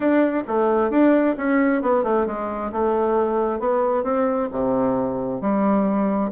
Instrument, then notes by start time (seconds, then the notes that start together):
bassoon
0.00 D4
0.47 A3
0.90 D4
1.37 C#4
1.81 B3
2.03 A3
2.26 G#3
2.72 A3
3.59 B3
4.03 C4
4.51 C3
5.41 G3